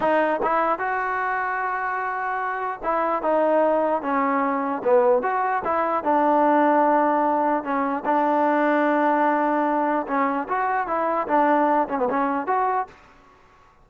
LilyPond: \new Staff \with { instrumentName = "trombone" } { \time 4/4 \tempo 4 = 149 dis'4 e'4 fis'2~ | fis'2. e'4 | dis'2 cis'2 | b4 fis'4 e'4 d'4~ |
d'2. cis'4 | d'1~ | d'4 cis'4 fis'4 e'4 | d'4. cis'16 b16 cis'4 fis'4 | }